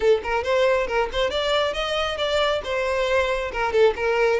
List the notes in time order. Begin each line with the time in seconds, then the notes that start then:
0.00 A4
0.23 A#4
0.43 C5
0.87 A#4
1.12 C5
1.30 D5
1.73 D#5
2.17 D5
2.64 C5
3.52 A#4
3.72 A4
3.96 A#4